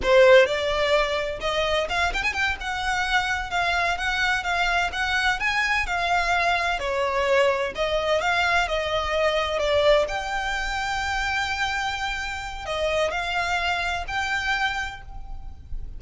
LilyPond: \new Staff \with { instrumentName = "violin" } { \time 4/4 \tempo 4 = 128 c''4 d''2 dis''4 | f''8 g''16 gis''16 g''8 fis''2 f''8~ | f''8 fis''4 f''4 fis''4 gis''8~ | gis''8 f''2 cis''4.~ |
cis''8 dis''4 f''4 dis''4.~ | dis''8 d''4 g''2~ g''8~ | g''2. dis''4 | f''2 g''2 | }